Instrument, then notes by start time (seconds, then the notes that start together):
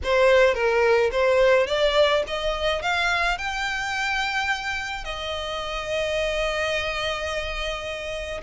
violin
0.03 C5
0.54 A#4
1.11 C5
1.67 D5
2.27 D#5
2.82 F5
3.37 G5
5.04 D#5